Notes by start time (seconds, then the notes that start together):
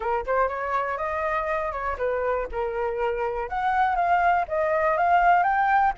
0.00 A#4
0.25 C5
0.48 C#5
0.97 D#5
1.72 C#5
1.97 B4
2.51 A#4
3.49 F#5
3.95 F5
4.48 D#5
4.97 F5
5.43 G5